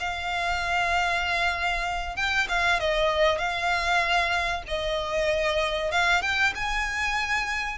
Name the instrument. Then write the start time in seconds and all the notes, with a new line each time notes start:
violin
0.00 F5
2.16 G5
2.49 F5
2.80 D#5
3.38 F5
4.68 D#5
5.91 F5
6.22 G5
6.55 G#5